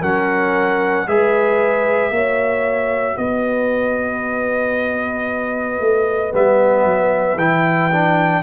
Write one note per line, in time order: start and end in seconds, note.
0.00 1.07 F#3
0.00 1.07 C#4
0.00 1.05 A#4
0.00 1.08 F#5
1.07 2.10 G#3
1.07 2.12 G#4
1.07 2.14 B4
1.07 3.17 E5
2.10 3.16 A#3
2.10 6.32 F#4
2.10 3.17 C#5
3.17 5.80 B3
3.17 8.43 B4
3.17 6.33 D#5
5.80 6.33 A3
6.32 6.85 G3
6.32 7.38 B3
6.32 7.38 E5
6.85 7.36 F#3
7.36 8.41 E3
7.36 7.91 E4
7.36 8.43 G5
7.92 8.43 D4